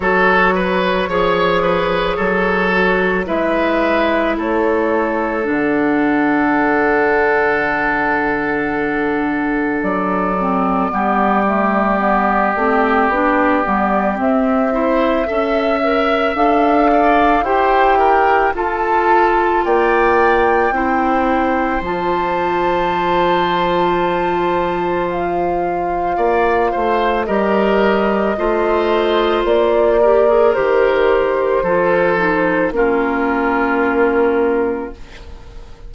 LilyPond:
<<
  \new Staff \with { instrumentName = "flute" } { \time 4/4 \tempo 4 = 55 cis''2. e''4 | cis''4 fis''2.~ | fis''4 d''2.~ | d''4 e''2 f''4 |
g''4 a''4 g''2 | a''2. f''4~ | f''4 dis''2 d''4 | c''2 ais'2 | }
  \new Staff \with { instrumentName = "oboe" } { \time 4/4 a'8 b'8 cis''8 b'8 a'4 b'4 | a'1~ | a'2 g'2~ | g'4. c''8 e''4. d''8 |
c''8 ais'8 a'4 d''4 c''4~ | c''1 | d''8 c''8 ais'4 c''4. ais'8~ | ais'4 a'4 f'2 | }
  \new Staff \with { instrumentName = "clarinet" } { \time 4/4 fis'4 gis'4. fis'8 e'4~ | e'4 d'2.~ | d'4. c'8 b8 a8 b8 c'8 | d'8 b8 c'8 e'8 a'8 ais'8 a'4 |
g'4 f'2 e'4 | f'1~ | f'4 g'4 f'4. g'16 gis'16 | g'4 f'8 dis'8 cis'2 | }
  \new Staff \with { instrumentName = "bassoon" } { \time 4/4 fis4 f4 fis4 gis4 | a4 d2.~ | d4 fis4 g4. a8 | b8 g8 c'4 cis'4 d'4 |
e'4 f'4 ais4 c'4 | f1 | ais8 a8 g4 a4 ais4 | dis4 f4 ais2 | }
>>